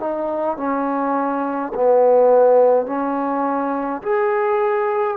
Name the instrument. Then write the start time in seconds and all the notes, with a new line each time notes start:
trombone
0.00 D#4
0.57 C#4
1.74 B3
2.86 C#4
4.03 G#4